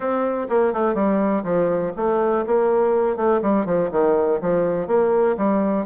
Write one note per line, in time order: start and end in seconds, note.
0.00 0.47 C4
0.49 0.73 A#3
0.73 0.94 A3
0.94 1.43 G3
1.43 1.92 F3
1.96 2.45 A3
2.46 3.16 A#3
3.16 3.41 A3
3.41 3.65 G3
3.65 3.90 F3
3.91 4.40 D#3
4.41 4.87 F3
4.87 5.35 A#3
5.37 5.85 G3